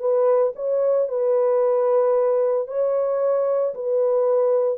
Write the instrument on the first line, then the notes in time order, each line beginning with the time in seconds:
horn
0.00 B4
0.56 C#5
1.09 B4
2.68 C#5
3.75 B4